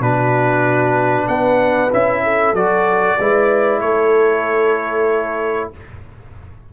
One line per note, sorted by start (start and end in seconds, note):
0.00 1.26 B2
0.00 1.90 D4
0.00 1.27 F#4
0.00 1.28 B4
1.27 1.91 B3
1.27 2.22 B4
1.27 1.91 F#5
1.93 2.53 C#4
1.93 2.56 E4
1.93 2.55 E5
2.23 3.18 A4
2.53 3.16 F#3
2.53 3.19 F#4
2.53 3.81 D5
3.19 3.81 G#3
3.19 5.73 E4
3.19 3.80 B4
3.80 5.71 A3
3.80 5.70 A4
3.80 5.70 C#5